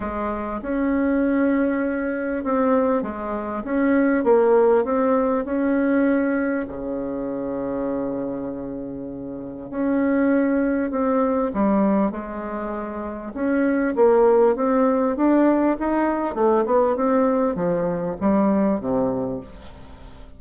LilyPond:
\new Staff \with { instrumentName = "bassoon" } { \time 4/4 \tempo 4 = 99 gis4 cis'2. | c'4 gis4 cis'4 ais4 | c'4 cis'2 cis4~ | cis1 |
cis'2 c'4 g4 | gis2 cis'4 ais4 | c'4 d'4 dis'4 a8 b8 | c'4 f4 g4 c4 | }